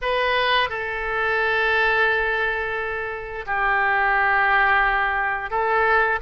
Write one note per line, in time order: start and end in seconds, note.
0.01 0.69 B4
0.69 3.45 A4
3.46 5.50 G4
5.50 6.19 A4